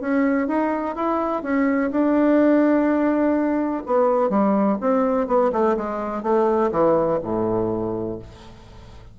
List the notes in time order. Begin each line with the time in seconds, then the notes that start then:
0.00 C#4
0.48 D#4
0.95 E4
1.43 C#4
1.91 D4
3.86 B3
4.30 G3
4.81 C4
5.27 B3
5.52 A3
5.76 G#3
6.22 A3
6.71 E3
7.23 A2